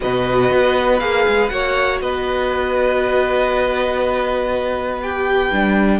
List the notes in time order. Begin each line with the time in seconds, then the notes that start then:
0.00 B2 F#4 B4 D#5
0.50 B3
0.99 A#3 G#4 F5
1.27 G#3
1.48 A#3 F#4 C#5 F#5
2.00 B3 B4 D#5
5.02 G4 G5
5.52 G3 D4